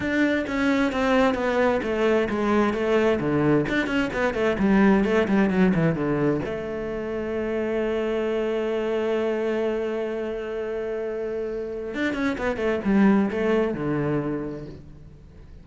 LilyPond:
\new Staff \with { instrumentName = "cello" } { \time 4/4 \tempo 4 = 131 d'4 cis'4 c'4 b4 | a4 gis4 a4 d4 | d'8 cis'8 b8 a8 g4 a8 g8 | fis8 e8 d4 a2~ |
a1~ | a1~ | a2 d'8 cis'8 b8 a8 | g4 a4 d2 | }